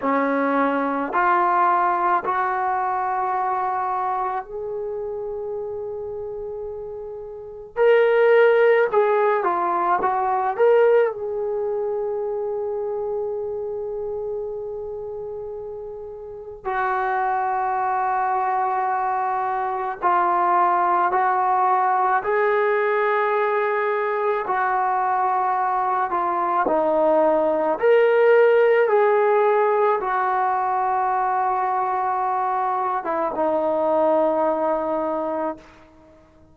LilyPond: \new Staff \with { instrumentName = "trombone" } { \time 4/4 \tempo 4 = 54 cis'4 f'4 fis'2 | gis'2. ais'4 | gis'8 f'8 fis'8 ais'8 gis'2~ | gis'2. fis'4~ |
fis'2 f'4 fis'4 | gis'2 fis'4. f'8 | dis'4 ais'4 gis'4 fis'4~ | fis'4.~ fis'16 e'16 dis'2 | }